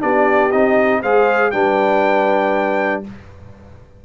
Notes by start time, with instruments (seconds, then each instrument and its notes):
0.00 tuba B3, trombone D4, horn G4, trumpet D5
0.52 tuba C4, trombone D#4, trumpet D#5
1.01 tuba G#3, trombone G#4, horn C5, trumpet F5
1.51 tuba G3, trombone D4, horn B4, trumpet G5